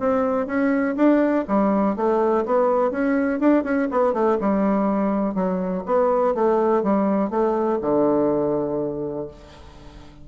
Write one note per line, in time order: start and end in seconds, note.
0.00 0.47 C4
0.47 0.96 C#4
0.96 1.45 D4
1.48 1.96 G3
1.96 2.45 A3
2.46 2.91 B3
2.91 3.40 C#4
3.40 3.64 D4
3.64 3.88 C#4
3.91 4.14 B3
4.14 4.38 A3
4.41 5.35 G3
5.35 5.84 F#3
5.86 6.35 B3
6.35 6.83 A3
6.83 7.30 G3
7.30 7.79 A3
7.82 9.28 D3